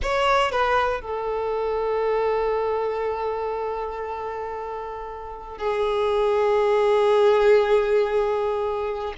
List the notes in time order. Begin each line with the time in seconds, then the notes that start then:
0.02 C#5
0.51 B4
1.01 A4
5.58 G#4